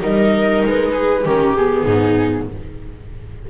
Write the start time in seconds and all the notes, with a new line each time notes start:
0.00 G3 D#4 A#4 D#5
0.64 G#3 B4
0.92 G#4
1.25 D#3 C#4 G4 A#4
1.56 B3 G#4
1.85 G#2 D#4